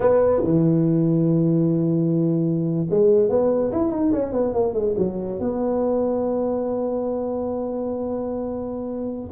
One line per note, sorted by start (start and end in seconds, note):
0.00 0.42 B3
0.43 2.86 E3
2.89 3.29 G#3
3.29 3.71 B3
3.72 3.91 E4
3.91 4.12 D#4
4.12 4.32 C#4
4.32 4.53 B3
4.53 4.73 A#3
4.73 4.94 G#3
4.97 5.39 F#3
5.39 9.30 B3